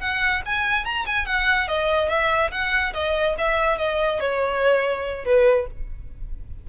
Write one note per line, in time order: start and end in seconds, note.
0.00 0.42 F#5
0.46 0.85 G#5
0.85 1.06 A#5
1.06 1.26 G#5
1.26 1.68 F#5
1.68 2.09 D#5
2.09 2.51 E5
2.51 2.93 F#5
2.93 3.35 D#5
3.38 3.78 E5
3.78 4.20 D#5
4.20 5.25 C#5
5.25 5.67 B4